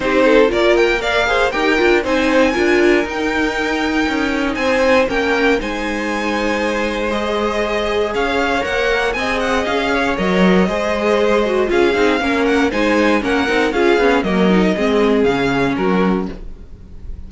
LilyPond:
<<
  \new Staff \with { instrumentName = "violin" } { \time 4/4 \tempo 4 = 118 c''4 d''8 g''8 f''4 g''4 | gis''2 g''2~ | g''4 gis''4 g''4 gis''4~ | gis''2 dis''2 |
f''4 fis''4 gis''8 fis''8 f''4 | dis''2. f''4~ | f''8 fis''8 gis''4 fis''4 f''4 | dis''2 f''4 ais'4 | }
  \new Staff \with { instrumentName = "violin" } { \time 4/4 g'8 a'8 ais'4 d''8 c''8 ais'4 | c''4 ais'2.~ | ais'4 c''4 ais'4 c''4~ | c''1 |
cis''2 dis''4. cis''8~ | cis''4 c''2 gis'4 | ais'4 c''4 ais'4 gis'4 | ais'4 gis'2 fis'4 | }
  \new Staff \with { instrumentName = "viola" } { \time 4/4 dis'4 f'4 ais'8 gis'8 g'8 f'8 | dis'4 f'4 dis'2~ | dis'2 cis'4 dis'4~ | dis'2 gis'2~ |
gis'4 ais'4 gis'2 | ais'4 gis'4. fis'8 f'8 dis'8 | cis'4 dis'4 cis'8 dis'8 f'8 cis'8 | ais8 dis'8 c'4 cis'2 | }
  \new Staff \with { instrumentName = "cello" } { \time 4/4 c'4 ais2 dis'8 d'8 | c'4 d'4 dis'2 | cis'4 c'4 ais4 gis4~ | gis1 |
cis'4 ais4 c'4 cis'4 | fis4 gis2 cis'8 c'8 | ais4 gis4 ais8 c'8 cis'8 b8 | fis4 gis4 cis4 fis4 | }
>>